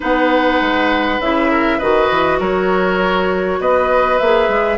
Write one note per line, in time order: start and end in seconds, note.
0.00 0.60 B3
0.00 1.20 D#4
0.00 1.50 B4
0.00 1.21 F#5
0.60 1.19 G#3
1.19 1.79 C#3
1.19 1.80 E4
1.19 1.79 E5
1.50 1.78 A#4
1.78 2.10 D#3
1.78 4.20 F#4
1.78 2.38 B4
1.78 2.39 D#5
2.10 2.39 E3
2.39 3.59 F#3
2.39 3.59 A#4
2.39 3.61 C#5
3.59 4.19 B3
3.59 4.78 B4
3.59 4.17 D#5
4.17 4.48 A#3
4.17 4.78 G#4
4.17 4.77 E5
4.48 4.78 G#3